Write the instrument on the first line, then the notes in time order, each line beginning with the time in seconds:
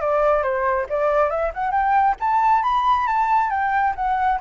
flute
0.00 D5
0.42 C5
0.89 D5
1.30 E5
1.54 F#5
1.71 G5
2.20 A5
2.63 B5
3.07 A5
3.50 G5
3.95 F#5